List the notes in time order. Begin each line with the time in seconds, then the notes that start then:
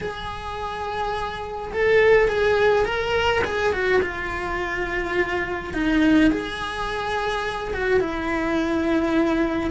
0.01 G#4
1.72 A4
2.28 G#4
2.85 A#4
3.44 G#4
3.72 F#4
4.02 F4
5.73 D#4
6.31 G#4
7.73 F#4
8.00 E4